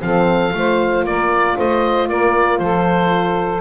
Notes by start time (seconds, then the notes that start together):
0.00 F3 C4 A4 F5
0.52 A3 F4 C5
1.04 A#3 A#4 D5
1.57 A3 C5 D#5
2.08 A#3 A#4 D5
2.58 F3 A4 C5